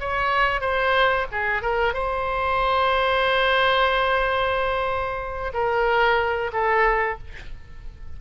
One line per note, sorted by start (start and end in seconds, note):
0.00 0.61 C#5
0.61 1.26 C5
1.32 1.62 G#4
1.62 1.94 A#4
1.94 5.53 C5
5.53 6.51 A#4
6.53 7.18 A4